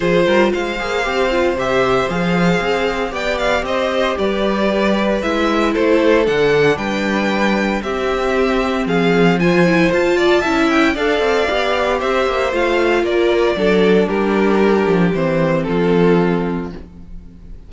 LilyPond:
<<
  \new Staff \with { instrumentName = "violin" } { \time 4/4 \tempo 4 = 115 c''4 f''2 e''4 | f''2 g''8 f''8 dis''4 | d''2 e''4 c''4 | fis''4 g''2 e''4~ |
e''4 f''4 gis''4 a''4~ | a''8 g''8 f''2 e''4 | f''4 d''2 ais'4~ | ais'4 c''4 a'2 | }
  \new Staff \with { instrumentName = "violin" } { \time 4/4 gis'8 ais'8 c''2.~ | c''2 d''4 c''4 | b'2. a'4~ | a'4 b'2 g'4~ |
g'4 gis'4 c''4. d''8 | e''4 d''2 c''4~ | c''4 ais'4 a'4 g'4~ | g'2 f'2 | }
  \new Staff \with { instrumentName = "viola" } { \time 4/4 f'4. gis'8 g'8 f'8 g'4 | gis'2 g'2~ | g'2 e'2 | d'2. c'4~ |
c'2 f'8 e'8 f'4 | e'4 a'4 g'2 | f'2 d'2~ | d'4 c'2. | }
  \new Staff \with { instrumentName = "cello" } { \time 4/4 f8 g8 gis8 ais8 c'4 c4 | f4 c'4 b4 c'4 | g2 gis4 a4 | d4 g2 c'4~ |
c'4 f2 f'4 | cis'4 d'8 c'8 b4 c'8 ais8 | a4 ais4 fis4 g4~ | g8 f8 e4 f2 | }
>>